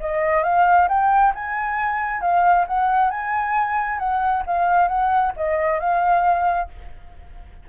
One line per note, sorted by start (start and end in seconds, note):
0.00 0.43 D#5
0.43 0.88 F5
0.89 1.33 G5
1.35 2.21 G#5
2.21 2.66 F5
2.67 3.11 F#5
3.11 3.99 G#5
3.99 4.43 F#5
4.46 4.88 F5
4.88 5.33 F#5
5.36 5.80 D#5
5.80 6.69 F5